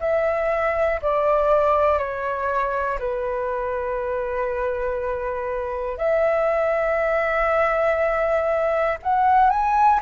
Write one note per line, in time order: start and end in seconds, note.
0.00 1.00 E5
1.01 1.98 D5
1.98 2.98 C#5
2.99 5.97 B4
5.97 8.97 E5
9.03 9.50 F#5
9.50 10.00 G#5